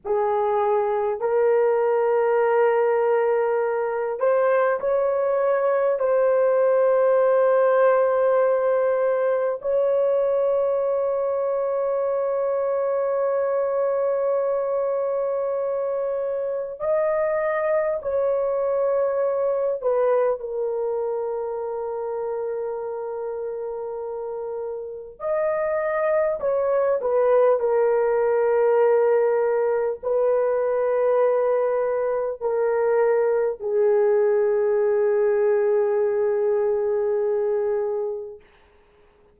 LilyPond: \new Staff \with { instrumentName = "horn" } { \time 4/4 \tempo 4 = 50 gis'4 ais'2~ ais'8 c''8 | cis''4 c''2. | cis''1~ | cis''2 dis''4 cis''4~ |
cis''8 b'8 ais'2.~ | ais'4 dis''4 cis''8 b'8 ais'4~ | ais'4 b'2 ais'4 | gis'1 | }